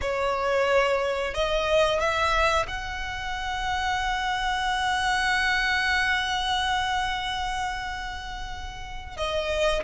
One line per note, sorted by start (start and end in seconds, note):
0.01 1.33 C#5
1.33 1.99 D#5
1.99 2.66 E5
2.67 9.16 F#5
9.16 9.83 D#5